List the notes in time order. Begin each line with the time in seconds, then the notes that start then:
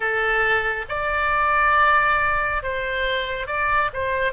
0.00 A4
0.89 D5
2.62 C5
3.47 D5
3.93 C5